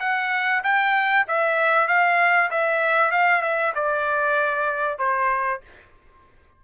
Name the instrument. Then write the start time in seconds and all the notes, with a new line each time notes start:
trumpet
0.00 F#5
0.63 G5
1.28 E5
1.88 F5
2.51 E5
3.11 F5
3.42 E5
3.75 D5
4.99 C5